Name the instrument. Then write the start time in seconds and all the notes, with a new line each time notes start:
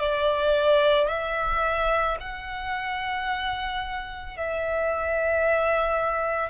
violin
0.00 D5
1.08 E5
2.21 F#5
4.37 E5